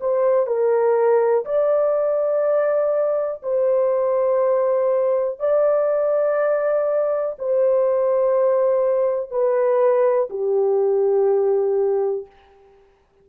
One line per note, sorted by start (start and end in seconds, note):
0.00 0.46 C5
0.46 1.45 A#4
1.45 3.42 D5
3.42 5.39 C5
5.39 7.36 D5
7.38 9.30 C5
9.30 10.29 B4
10.30 12.26 G4